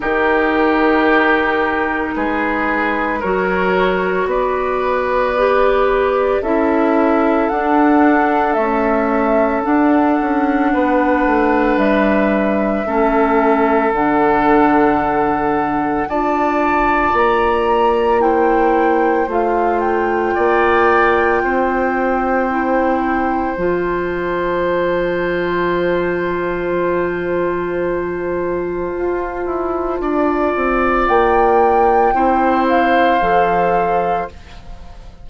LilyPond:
<<
  \new Staff \with { instrumentName = "flute" } { \time 4/4 \tempo 4 = 56 ais'2 b'4 cis''4 | d''2 e''4 fis''4 | e''4 fis''2 e''4~ | e''4 fis''2 a''4 |
ais''4 g''4 f''8 g''4.~ | g''2 a''2~ | a''1~ | a''4 g''4. f''4. | }
  \new Staff \with { instrumentName = "oboe" } { \time 4/4 g'2 gis'4 ais'4 | b'2 a'2~ | a'2 b'2 | a'2. d''4~ |
d''4 c''2 d''4 | c''1~ | c''1 | d''2 c''2 | }
  \new Staff \with { instrumentName = "clarinet" } { \time 4/4 dis'2. fis'4~ | fis'4 g'4 e'4 d'4 | a4 d'2. | cis'4 d'2 f'4~ |
f'4 e'4 f'2~ | f'4 e'4 f'2~ | f'1~ | f'2 e'4 a'4 | }
  \new Staff \with { instrumentName = "bassoon" } { \time 4/4 dis2 gis4 fis4 | b2 cis'4 d'4 | cis'4 d'8 cis'8 b8 a8 g4 | a4 d2 d'4 |
ais2 a4 ais4 | c'2 f2~ | f2. f'8 e'8 | d'8 c'8 ais4 c'4 f4 | }
>>